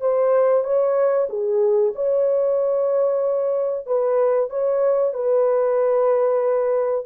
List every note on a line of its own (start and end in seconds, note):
0.00 0.64 C5
0.64 1.27 C#5
1.29 1.93 G#4
1.95 3.86 C#5
3.86 4.49 B4
4.49 5.13 C#5
5.13 7.05 B4